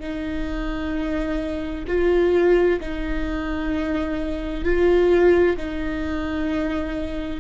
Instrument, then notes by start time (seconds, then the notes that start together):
viola
0.00 D#4
1.88 F4
2.80 D#4
4.64 F4
5.57 D#4